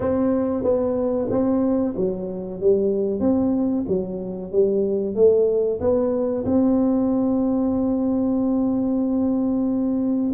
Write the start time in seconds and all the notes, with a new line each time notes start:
0.00 C4
0.63 B3
1.30 C4
1.96 F#3
2.60 G3
3.20 C4
3.88 F#3
4.52 G3
5.15 A3
5.80 B3
6.45 C4